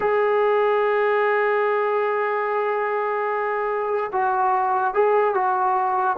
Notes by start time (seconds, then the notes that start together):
0.00 G#4
4.12 F#4
4.93 G#4
5.34 F#4